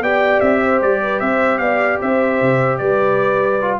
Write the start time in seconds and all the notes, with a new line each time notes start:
0.00 B3 G4 D5 G5
0.40 C4 E5
0.61 C5
0.81 G3 D5
1.02 B4
1.20 C4 C5 E5
1.59 B3 D5 F5
2.01 C4 C5 E5
2.41 C3
2.78 G3 B4 D5
3.62 F4